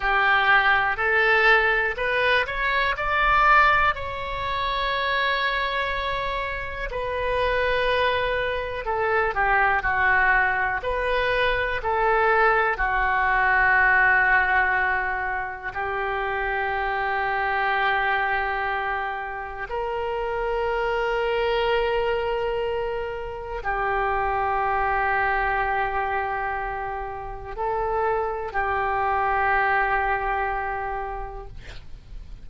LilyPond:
\new Staff \with { instrumentName = "oboe" } { \time 4/4 \tempo 4 = 61 g'4 a'4 b'8 cis''8 d''4 | cis''2. b'4~ | b'4 a'8 g'8 fis'4 b'4 | a'4 fis'2. |
g'1 | ais'1 | g'1 | a'4 g'2. | }